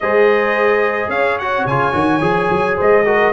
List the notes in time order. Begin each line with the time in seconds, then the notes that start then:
0.00 G#3 G#4 C5 D#5
1.08 C#4 C#5 F5
1.38 F#4 F#5
1.66 C#3 F4 G#5
1.92 D#3 F#4
2.20 F3 G#4
2.50 F#3
2.76 G#3 C5 D#5
3.05 F#4 A#4